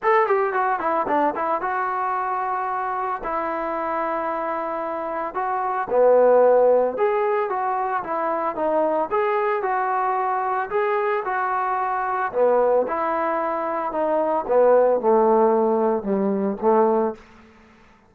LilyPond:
\new Staff \with { instrumentName = "trombone" } { \time 4/4 \tempo 4 = 112 a'8 g'8 fis'8 e'8 d'8 e'8 fis'4~ | fis'2 e'2~ | e'2 fis'4 b4~ | b4 gis'4 fis'4 e'4 |
dis'4 gis'4 fis'2 | gis'4 fis'2 b4 | e'2 dis'4 b4 | a2 g4 a4 | }